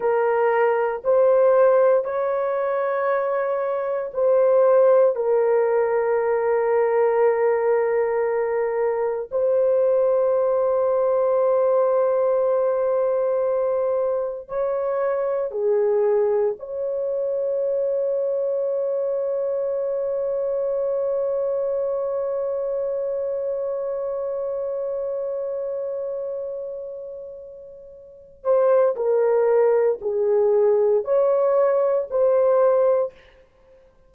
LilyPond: \new Staff \with { instrumentName = "horn" } { \time 4/4 \tempo 4 = 58 ais'4 c''4 cis''2 | c''4 ais'2.~ | ais'4 c''2.~ | c''2 cis''4 gis'4 |
cis''1~ | cis''1~ | cis''2.~ cis''8 c''8 | ais'4 gis'4 cis''4 c''4 | }